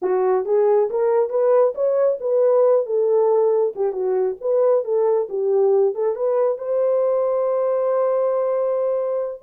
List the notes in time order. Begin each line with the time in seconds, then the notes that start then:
0.01 F#4
0.45 G#4
0.90 A#4
1.29 B4
1.74 C#5
2.20 B4
2.85 A4
3.75 G4
3.92 F#4
4.41 B4
4.84 A4
5.29 G4
5.94 A4
6.15 B4
6.58 C5